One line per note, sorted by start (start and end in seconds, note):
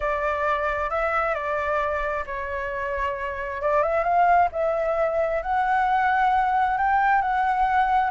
0.00 0.90 D5
0.90 1.34 E5
1.34 2.24 D5
2.26 3.61 C#5
3.61 3.82 D5
3.82 4.03 E5
4.03 4.48 F5
4.52 5.42 E5
5.42 6.77 F#5
6.77 7.21 G5
7.21 8.10 F#5